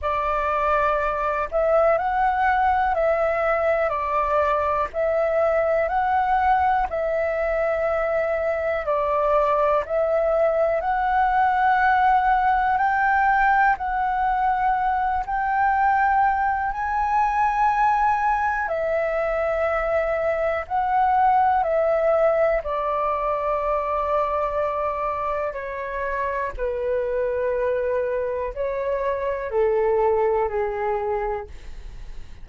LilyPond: \new Staff \with { instrumentName = "flute" } { \time 4/4 \tempo 4 = 61 d''4. e''8 fis''4 e''4 | d''4 e''4 fis''4 e''4~ | e''4 d''4 e''4 fis''4~ | fis''4 g''4 fis''4. g''8~ |
g''4 gis''2 e''4~ | e''4 fis''4 e''4 d''4~ | d''2 cis''4 b'4~ | b'4 cis''4 a'4 gis'4 | }